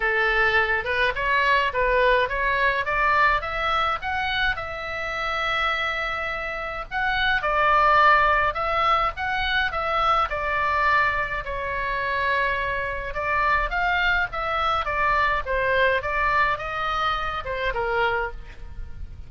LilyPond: \new Staff \with { instrumentName = "oboe" } { \time 4/4 \tempo 4 = 105 a'4. b'8 cis''4 b'4 | cis''4 d''4 e''4 fis''4 | e''1 | fis''4 d''2 e''4 |
fis''4 e''4 d''2 | cis''2. d''4 | f''4 e''4 d''4 c''4 | d''4 dis''4. c''8 ais'4 | }